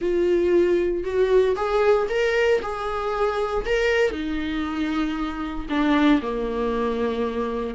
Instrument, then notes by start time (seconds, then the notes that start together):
viola
0.01 F4
1.04 F#4
1.55 G#4
2.09 A#4
2.61 G#4
3.65 A#4
4.11 D#4
5.69 D4
6.22 A#3